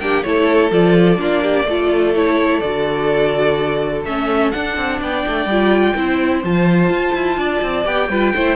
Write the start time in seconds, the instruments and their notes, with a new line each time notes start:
0.00 cello A#3, viola D4, violin G4 G5
0.23 cello A3, viola E4, violin A4 C#5
0.71 cello F3, viola F4, violin D5
1.17 cello A#3, viola D4, violin F4
1.43 violin G4
1.65 cello A3, viola F4, violin A4
2.15 viola E4, violin C#5
2.59 cello D3, viola F#4, violin D5
4.05 cello A3, viola C#4, violin E5
4.52 viola D4, cello D4, violin F#5
4.77 cello C4
5.00 cello B3, violin D5 G5
5.27 cello A3
5.46 cello G3, viola F4
5.95 cello C4, viola E4, violin C5
6.44 cello F3, viola F4, violin A5
6.90 cello F4
7.14 cello E4
7.37 cello D4, violin D5
7.62 cello C4
7.84 cello B3, viola G4, violin G5
8.09 cello G3, viola F4, violin B4
8.35 cello A3, viola E4, violin C5